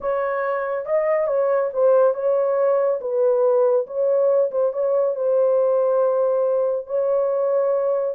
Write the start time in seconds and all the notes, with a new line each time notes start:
0.00 C#5
0.85 D#5
1.27 C#5
1.73 C5
2.14 C#5
3.00 B4
3.86 C#5
4.51 C5
4.72 C#5
5.15 C5
6.86 C#5